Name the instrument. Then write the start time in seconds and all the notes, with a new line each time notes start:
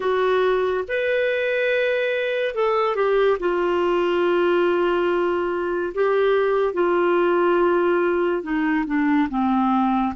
clarinet
0.00 F#4
0.88 B4
2.54 A4
2.95 G4
3.39 F4
5.94 G4
6.73 F4
8.42 D#4
8.86 D4
9.29 C4